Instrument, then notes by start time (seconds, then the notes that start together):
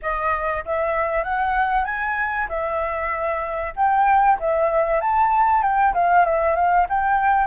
flute
0.02 D#5
0.65 E5
1.23 F#5
1.84 G#5
2.48 E5
3.76 G5
4.39 E5
5.01 A5
5.62 G5
5.94 F5
6.25 E5
6.55 F5
6.89 G5